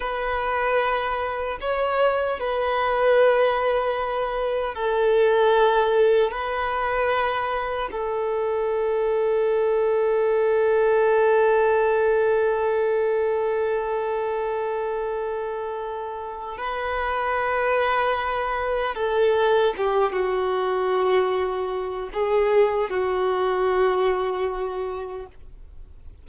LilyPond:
\new Staff \with { instrumentName = "violin" } { \time 4/4 \tempo 4 = 76 b'2 cis''4 b'4~ | b'2 a'2 | b'2 a'2~ | a'1~ |
a'1~ | a'4 b'2. | a'4 g'8 fis'2~ fis'8 | gis'4 fis'2. | }